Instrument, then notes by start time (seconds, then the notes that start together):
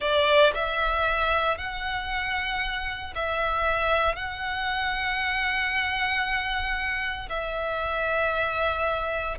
violin
0.00 D5
0.54 E5
1.57 F#5
3.15 E5
4.15 F#5
7.29 E5